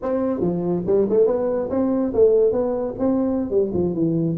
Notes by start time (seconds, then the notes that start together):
0.02 C4
0.40 F3
0.86 G3
1.09 A3
1.26 B3
1.70 C4
2.13 A3
2.51 B3
2.98 C4
3.50 G3
3.73 F3
3.94 E3